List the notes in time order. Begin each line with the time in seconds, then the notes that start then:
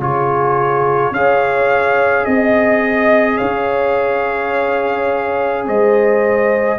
0.00 C#3 F4 G#4 C#5
1.12 C#4 G#4 C#5 F5
2.25 C4 D#5
3.38 C#4 C#5 F5
5.67 G#3 C5 D#5